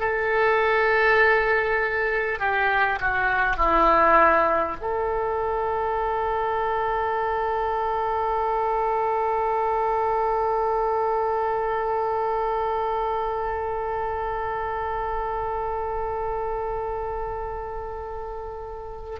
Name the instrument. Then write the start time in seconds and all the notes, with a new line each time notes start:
oboe
0.00 A4
2.39 G4
3.00 F#4
3.57 E4
4.81 A4